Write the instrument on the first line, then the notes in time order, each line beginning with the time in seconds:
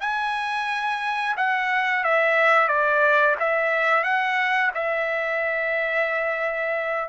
trumpet
0.00 G#5
1.36 F#5
2.03 E5
2.68 D5
3.39 E5
4.03 F#5
4.74 E5